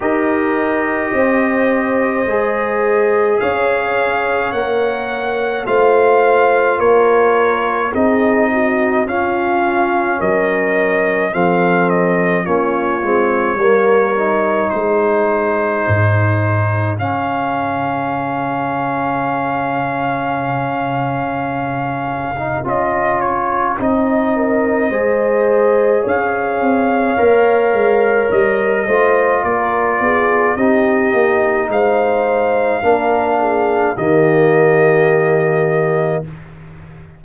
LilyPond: <<
  \new Staff \with { instrumentName = "trumpet" } { \time 4/4 \tempo 4 = 53 dis''2. f''4 | fis''4 f''4 cis''4 dis''4 | f''4 dis''4 f''8 dis''8 cis''4~ | cis''4 c''2 f''4~ |
f''1 | dis''8 cis''8 dis''2 f''4~ | f''4 dis''4 d''4 dis''4 | f''2 dis''2 | }
  \new Staff \with { instrumentName = "horn" } { \time 4/4 ais'4 c''2 cis''4~ | cis''4 c''4 ais'4 gis'8 fis'8 | f'4 ais'4 a'4 f'4 | ais'4 gis'2.~ |
gis'1~ | gis'4. ais'8 c''4 cis''4~ | cis''4. c''8 ais'8 gis'8 g'4 | c''4 ais'8 gis'8 g'2 | }
  \new Staff \with { instrumentName = "trombone" } { \time 4/4 g'2 gis'2 | ais'4 f'2 dis'4 | cis'2 c'4 cis'8 c'8 | ais8 dis'2~ dis'8 cis'4~ |
cis'2.~ cis'8. dis'16 | f'4 dis'4 gis'2 | ais'4. f'4. dis'4~ | dis'4 d'4 ais2 | }
  \new Staff \with { instrumentName = "tuba" } { \time 4/4 dis'4 c'4 gis4 cis'4 | ais4 a4 ais4 c'4 | cis'4 fis4 f4 ais8 gis8 | g4 gis4 gis,4 cis4~ |
cis1 | cis'4 c'4 gis4 cis'8 c'8 | ais8 gis8 g8 a8 ais8 b8 c'8 ais8 | gis4 ais4 dis2 | }
>>